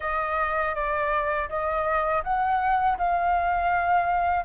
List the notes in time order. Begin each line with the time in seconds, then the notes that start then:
0.00 D#5
0.74 D5
1.49 D#5
2.23 F#5
2.98 F5